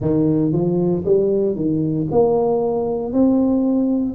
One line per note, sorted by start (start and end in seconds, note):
0.00 0.52 D#3
0.52 1.03 F3
1.05 1.55 G3
1.55 2.07 D#3
2.11 3.13 A#3
3.13 4.15 C4